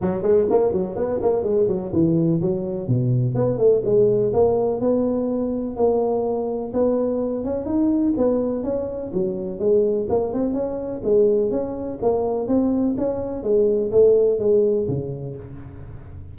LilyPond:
\new Staff \with { instrumentName = "tuba" } { \time 4/4 \tempo 4 = 125 fis8 gis8 ais8 fis8 b8 ais8 gis8 fis8 | e4 fis4 b,4 b8 a8 | gis4 ais4 b2 | ais2 b4. cis'8 |
dis'4 b4 cis'4 fis4 | gis4 ais8 c'8 cis'4 gis4 | cis'4 ais4 c'4 cis'4 | gis4 a4 gis4 cis4 | }